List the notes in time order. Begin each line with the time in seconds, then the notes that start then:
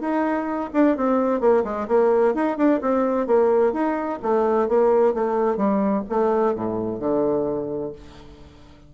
0.00 D#4
0.73 D4
0.96 C4
1.40 A#3
1.64 G#3
1.88 A#3
2.34 D#4
2.57 D4
2.81 C4
3.26 A#3
3.72 D#4
4.22 A3
4.68 A#3
5.14 A3
5.56 G3
6.09 A3
6.55 A2
6.99 D3